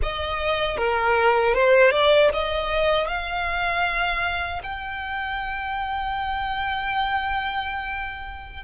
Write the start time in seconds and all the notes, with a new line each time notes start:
0.02 D#5
0.77 A#4
1.54 C5
1.91 D5
2.33 D#5
3.07 F5
4.63 G5